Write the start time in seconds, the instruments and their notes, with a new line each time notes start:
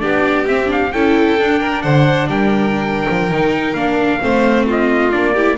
0.00 double bass B3, viola D4, violin G4, trumpet D5
0.47 viola C4, double bass C4, trumpet E5
0.66 viola D4, trumpet F5
0.92 double bass C#4, viola E4, violin A4, trumpet G5
1.39 double bass D4, viola D4
1.60 violin A#4
1.82 double bass D3, violin C5, trumpet F#5
2.27 double bass G3, violin A#4, trumpet G5
3.09 double bass F3
3.31 double bass D#3, viola D#4
3.73 double bass A#3, viola D4, trumpet F5
4.20 double bass A3, viola C4, violin C5
4.66 violin F4, trumpet D#5
5.11 double bass A#3, viola D4, trumpet D5
5.34 viola E4, violin G4